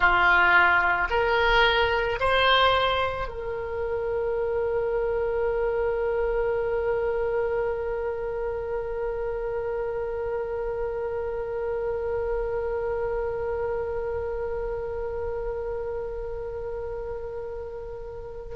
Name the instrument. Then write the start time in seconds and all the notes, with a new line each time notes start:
oboe
0.00 F4
1.10 A#4
2.20 C5
3.28 A#4